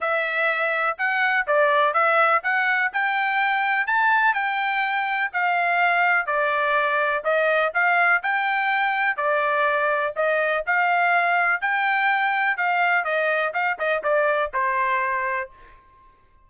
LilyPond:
\new Staff \with { instrumentName = "trumpet" } { \time 4/4 \tempo 4 = 124 e''2 fis''4 d''4 | e''4 fis''4 g''2 | a''4 g''2 f''4~ | f''4 d''2 dis''4 |
f''4 g''2 d''4~ | d''4 dis''4 f''2 | g''2 f''4 dis''4 | f''8 dis''8 d''4 c''2 | }